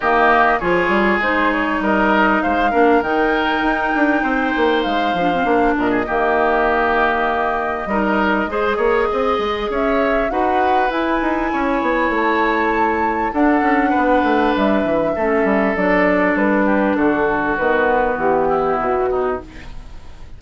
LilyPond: <<
  \new Staff \with { instrumentName = "flute" } { \time 4/4 \tempo 4 = 99 dis''4 cis''4 c''8 cis''8 dis''4 | f''4 g''2. | f''4. dis''2~ dis''8~ | dis''1 |
e''4 fis''4 gis''2 | a''2 fis''2 | e''2 d''4 b'4 | a'4 b'4 g'4 fis'4 | }
  \new Staff \with { instrumentName = "oboe" } { \time 4/4 g'4 gis'2 ais'4 | c''8 ais'2~ ais'8 c''4~ | c''4. ais'16 gis'16 g'2~ | g'4 ais'4 c''8 cis''8 dis''4 |
cis''4 b'2 cis''4~ | cis''2 a'4 b'4~ | b'4 a'2~ a'8 g'8 | fis'2~ fis'8 e'4 dis'8 | }
  \new Staff \with { instrumentName = "clarinet" } { \time 4/4 ais4 f'4 dis'2~ | dis'8 d'8 dis'2.~ | dis'8 d'16 c'16 d'4 ais2~ | ais4 dis'4 gis'2~ |
gis'4 fis'4 e'2~ | e'2 d'2~ | d'4 cis'4 d'2~ | d'4 b2. | }
  \new Staff \with { instrumentName = "bassoon" } { \time 4/4 dis4 f8 g8 gis4 g4 | gis8 ais8 dis4 dis'8 d'8 c'8 ais8 | gis8 f8 ais8 ais,8 dis2~ | dis4 g4 gis8 ais8 c'8 gis8 |
cis'4 dis'4 e'8 dis'8 cis'8 b8 | a2 d'8 cis'8 b8 a8 | g8 e8 a8 g8 fis4 g4 | d4 dis4 e4 b,4 | }
>>